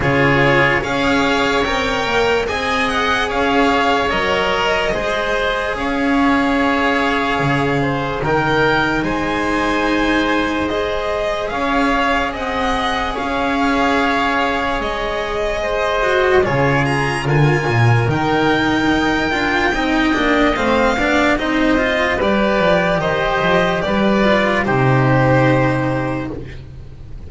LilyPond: <<
  \new Staff \with { instrumentName = "violin" } { \time 4/4 \tempo 4 = 73 cis''4 f''4 g''4 gis''8 fis''8 | f''4 dis''2 f''4~ | f''2 g''4 gis''4~ | gis''4 dis''4 f''4 fis''4 |
f''2 dis''2 | cis''8 ais''8 gis''4 g''2~ | g''4 f''4 dis''4 d''4 | dis''4 d''4 c''2 | }
  \new Staff \with { instrumentName = "oboe" } { \time 4/4 gis'4 cis''2 dis''4 | cis''2 c''4 cis''4~ | cis''4. c''8 ais'4 c''4~ | c''2 cis''4 dis''4 |
cis''2. c''4 | gis'4 ais'2. | dis''4. d''8 c''4 b'4 | c''4 b'4 g'2 | }
  \new Staff \with { instrumentName = "cello" } { \time 4/4 f'4 gis'4 ais'4 gis'4~ | gis'4 ais'4 gis'2~ | gis'2 dis'2~ | dis'4 gis'2.~ |
gis'2.~ gis'8 fis'8 | f'2 dis'4. f'8 | dis'8 d'8 c'8 d'8 dis'8 f'8 g'4~ | g'4. f'8 dis'2 | }
  \new Staff \with { instrumentName = "double bass" } { \time 4/4 cis4 cis'4 c'8 ais8 c'4 | cis'4 fis4 gis4 cis'4~ | cis'4 cis4 dis4 gis4~ | gis2 cis'4 c'4 |
cis'2 gis2 | cis4 d8 ais,8 dis4 dis'8 d'8 | c'8 ais8 a8 b8 c'4 g8 f8 | dis8 f8 g4 c2 | }
>>